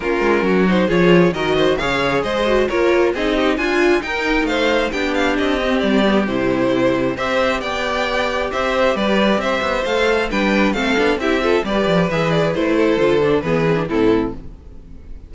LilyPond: <<
  \new Staff \with { instrumentName = "violin" } { \time 4/4 \tempo 4 = 134 ais'4. c''8 cis''4 dis''4 | f''4 dis''4 cis''4 dis''4 | gis''4 g''4 f''4 g''8 f''8 | dis''4 d''4 c''2 |
e''4 g''2 e''4 | d''4 e''4 f''4 g''4 | f''4 e''4 d''4 e''8 d''8 | c''2 b'4 a'4 | }
  \new Staff \with { instrumentName = "violin" } { \time 4/4 f'4 fis'4 gis'4 ais'8 c''8 | cis''4 c''4 ais'4 gis'8 g'8 | f'4 ais'4 c''4 g'4~ | g'1 |
c''4 d''2 c''4 | b'4 c''2 b'4 | a'4 g'8 a'8 b'2~ | b'8 a'4. gis'4 e'4 | }
  \new Staff \with { instrumentName = "viola" } { \time 4/4 cis'4. dis'8 f'4 fis'4 | gis'4. fis'8 f'4 dis'4 | f'4 dis'2 d'4~ | d'8 c'4 b8 e'2 |
g'1~ | g'2 a'4 d'4 | c'8 d'8 e'8 f'8 g'4 gis'4 | e'4 f'8 d'8 b8 c'16 d'16 c'4 | }
  \new Staff \with { instrumentName = "cello" } { \time 4/4 ais8 gis8 fis4 f4 dis4 | cis4 gis4 ais4 c'4 | d'4 dis'4 a4 b4 | c'4 g4 c2 |
c'4 b2 c'4 | g4 c'8 b8 a4 g4 | a8 b8 c'4 g8 f8 e4 | a4 d4 e4 a,4 | }
>>